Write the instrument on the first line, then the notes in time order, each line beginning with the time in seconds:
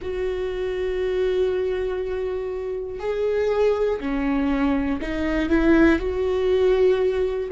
viola
0.01 F#4
3.00 G#4
4.00 C#4
5.01 D#4
5.49 E4
5.99 F#4